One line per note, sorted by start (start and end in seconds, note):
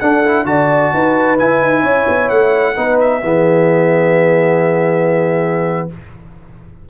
0.00 0.25 D4
0.00 0.45 D4
0.00 0.47 A4
0.00 0.46 F#5
0.25 0.45 E4
0.45 0.92 D3
0.45 1.37 F#4
0.45 0.94 D5
0.45 1.39 A5
0.94 1.40 D#4
0.94 1.82 B4
1.38 2.76 E4
1.38 1.62 E4
1.38 2.29 G#5
1.62 1.83 D#4
1.82 2.06 C#4
1.82 2.75 C#5
2.09 2.30 B3
2.29 2.77 A3
2.29 2.99 F#5
2.76 3.23 B3
2.76 3.22 D#4
2.76 3.23 B4
3.00 5.89 E5
3.23 5.89 E3
3.23 5.90 B3
3.23 5.89 G#4